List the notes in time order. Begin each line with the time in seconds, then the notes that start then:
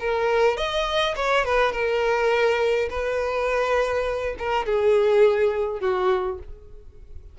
0.00 A#4
0.57 D#5
1.16 C#5
1.45 B4
1.73 A#4
2.90 B4
4.39 A#4
4.66 G#4
5.81 F#4